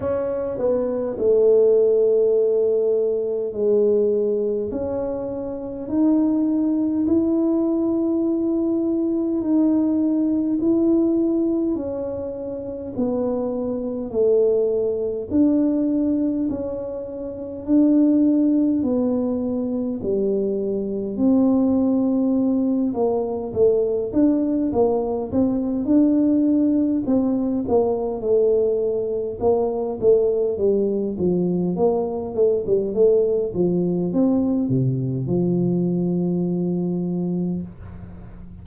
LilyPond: \new Staff \with { instrumentName = "tuba" } { \time 4/4 \tempo 4 = 51 cis'8 b8 a2 gis4 | cis'4 dis'4 e'2 | dis'4 e'4 cis'4 b4 | a4 d'4 cis'4 d'4 |
b4 g4 c'4. ais8 | a8 d'8 ais8 c'8 d'4 c'8 ais8 | a4 ais8 a8 g8 f8 ais8 a16 g16 | a8 f8 c'8 c8 f2 | }